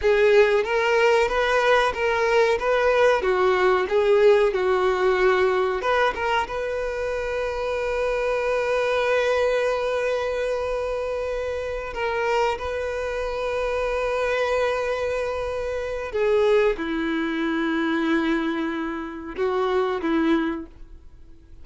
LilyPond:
\new Staff \with { instrumentName = "violin" } { \time 4/4 \tempo 4 = 93 gis'4 ais'4 b'4 ais'4 | b'4 fis'4 gis'4 fis'4~ | fis'4 b'8 ais'8 b'2~ | b'1~ |
b'2~ b'8 ais'4 b'8~ | b'1~ | b'4 gis'4 e'2~ | e'2 fis'4 e'4 | }